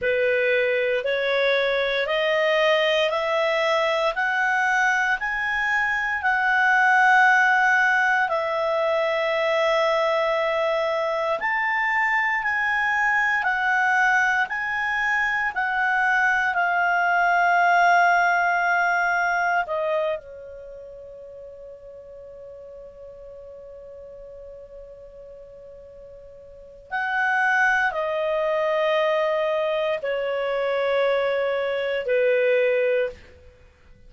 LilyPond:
\new Staff \with { instrumentName = "clarinet" } { \time 4/4 \tempo 4 = 58 b'4 cis''4 dis''4 e''4 | fis''4 gis''4 fis''2 | e''2. a''4 | gis''4 fis''4 gis''4 fis''4 |
f''2. dis''8 cis''8~ | cis''1~ | cis''2 fis''4 dis''4~ | dis''4 cis''2 b'4 | }